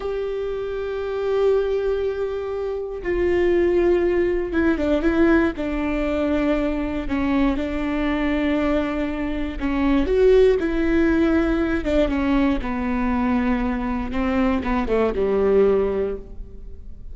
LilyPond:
\new Staff \with { instrumentName = "viola" } { \time 4/4 \tempo 4 = 119 g'1~ | g'2 f'2~ | f'4 e'8 d'8 e'4 d'4~ | d'2 cis'4 d'4~ |
d'2. cis'4 | fis'4 e'2~ e'8 d'8 | cis'4 b2. | c'4 b8 a8 g2 | }